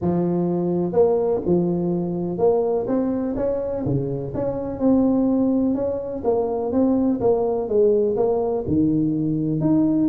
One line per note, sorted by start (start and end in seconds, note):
0.01 0.92 F3
0.92 1.40 A#3
1.45 2.38 F3
2.38 2.86 A#3
2.87 3.35 C4
3.36 3.84 C#4
3.85 4.33 C#3
4.34 4.79 C#4
4.79 5.75 C4
5.75 6.23 C#4
6.24 6.72 A#3
6.72 7.20 C4
7.20 7.68 A#3
7.68 8.16 G#3
8.16 8.64 A#3
8.67 9.60 D#3
9.60 10.08 D#4